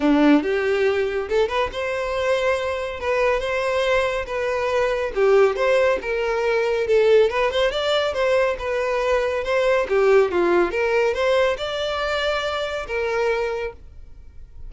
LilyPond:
\new Staff \with { instrumentName = "violin" } { \time 4/4 \tempo 4 = 140 d'4 g'2 a'8 b'8 | c''2. b'4 | c''2 b'2 | g'4 c''4 ais'2 |
a'4 b'8 c''8 d''4 c''4 | b'2 c''4 g'4 | f'4 ais'4 c''4 d''4~ | d''2 ais'2 | }